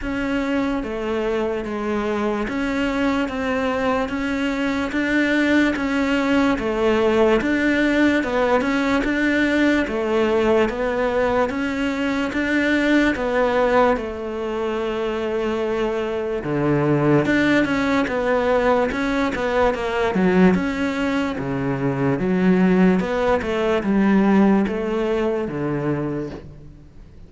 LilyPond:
\new Staff \with { instrumentName = "cello" } { \time 4/4 \tempo 4 = 73 cis'4 a4 gis4 cis'4 | c'4 cis'4 d'4 cis'4 | a4 d'4 b8 cis'8 d'4 | a4 b4 cis'4 d'4 |
b4 a2. | d4 d'8 cis'8 b4 cis'8 b8 | ais8 fis8 cis'4 cis4 fis4 | b8 a8 g4 a4 d4 | }